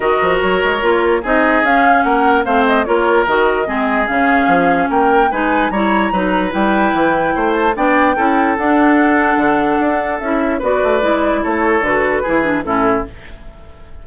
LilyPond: <<
  \new Staff \with { instrumentName = "flute" } { \time 4/4 \tempo 4 = 147 dis''4 cis''2 dis''4 | f''4 fis''4 f''8 dis''8 cis''4 | dis''2 f''2 | g''4 gis''4 ais''2 |
g''2~ g''8 a''8 g''4~ | g''4 fis''2.~ | fis''4 e''4 d''2 | cis''4 b'2 a'4 | }
  \new Staff \with { instrumentName = "oboe" } { \time 4/4 ais'2. gis'4~ | gis'4 ais'4 c''4 ais'4~ | ais'4 gis'2. | ais'4 b'4 cis''4 b'4~ |
b'2 c''4 d''4 | a'1~ | a'2 b'2 | a'2 gis'4 e'4 | }
  \new Staff \with { instrumentName = "clarinet" } { \time 4/4 fis'2 f'4 dis'4 | cis'2 c'4 f'4 | fis'4 c'4 cis'2~ | cis'4 dis'4 e'4 dis'4 |
e'2. d'4 | e'4 d'2.~ | d'4 e'4 fis'4 e'4~ | e'4 fis'4 e'8 d'8 cis'4 | }
  \new Staff \with { instrumentName = "bassoon" } { \time 4/4 dis8 f8 fis8 gis8 ais4 c'4 | cis'4 ais4 a4 ais4 | dis4 gis4 cis4 f4 | ais4 gis4 g4 fis4 |
g4 e4 a4 b4 | cis'4 d'2 d4 | d'4 cis'4 b8 a8 gis4 | a4 d4 e4 a,4 | }
>>